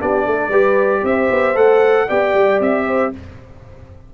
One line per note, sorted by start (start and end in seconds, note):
0.00 0.27 B3
0.00 0.52 D4
0.00 0.25 G4
0.00 1.06 D5
0.25 0.49 A3
0.25 0.49 A4
0.49 1.01 G3
0.49 1.55 G4
0.49 1.01 B4
1.03 1.29 C4
1.03 2.07 C5
1.03 1.57 E5
1.31 1.57 B3
1.55 2.09 A3
1.55 2.07 A4
1.55 2.09 F#5
2.07 2.34 B3
2.07 3.13 G4
2.07 2.86 D5
2.07 2.61 G5
2.34 2.60 G3
2.60 3.12 C4
2.60 3.14 E5
2.87 3.13 C5